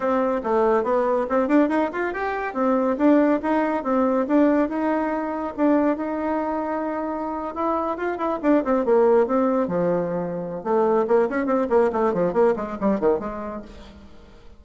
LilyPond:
\new Staff \with { instrumentName = "bassoon" } { \time 4/4 \tempo 4 = 141 c'4 a4 b4 c'8 d'8 | dis'8 f'8 g'4 c'4 d'4 | dis'4 c'4 d'4 dis'4~ | dis'4 d'4 dis'2~ |
dis'4.~ dis'16 e'4 f'8 e'8 d'16~ | d'16 c'8 ais4 c'4 f4~ f16~ | f4 a4 ais8 cis'8 c'8 ais8 | a8 f8 ais8 gis8 g8 dis8 gis4 | }